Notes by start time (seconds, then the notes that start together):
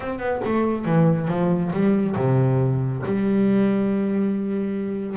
0.00 C4
0.19 B3
0.44 A3
0.85 E3
1.28 F3
1.72 G3
2.16 C3
3.05 G3